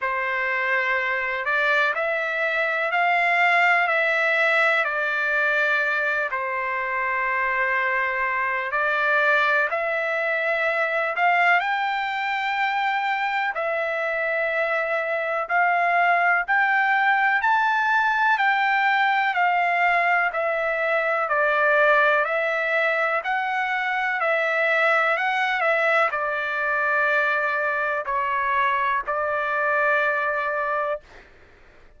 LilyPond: \new Staff \with { instrumentName = "trumpet" } { \time 4/4 \tempo 4 = 62 c''4. d''8 e''4 f''4 | e''4 d''4. c''4.~ | c''4 d''4 e''4. f''8 | g''2 e''2 |
f''4 g''4 a''4 g''4 | f''4 e''4 d''4 e''4 | fis''4 e''4 fis''8 e''8 d''4~ | d''4 cis''4 d''2 | }